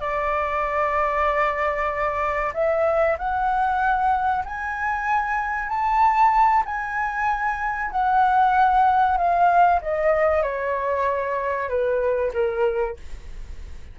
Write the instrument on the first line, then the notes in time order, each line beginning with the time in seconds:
flute
0.00 D5
2.53 E5
3.18 F#5
4.45 G#5
5.68 A5
6.65 G#5
7.91 F#5
9.17 F5
9.81 D#5
10.42 C#5
11.68 B4
12.33 A#4